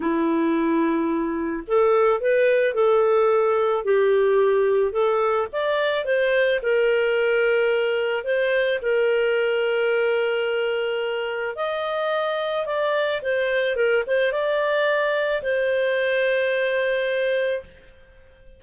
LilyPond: \new Staff \with { instrumentName = "clarinet" } { \time 4/4 \tempo 4 = 109 e'2. a'4 | b'4 a'2 g'4~ | g'4 a'4 d''4 c''4 | ais'2. c''4 |
ais'1~ | ais'4 dis''2 d''4 | c''4 ais'8 c''8 d''2 | c''1 | }